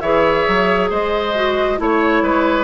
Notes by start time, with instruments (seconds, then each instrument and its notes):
0.00 bassoon E3, clarinet G#4, oboe C#5, flute E5
0.47 bassoon F#3
0.90 bassoon G#3, oboe C5, flute D#5
1.35 clarinet F#4
1.77 bassoon A3, clarinet E4, flute C#5, oboe C#5
2.22 bassoon G#3, oboe B4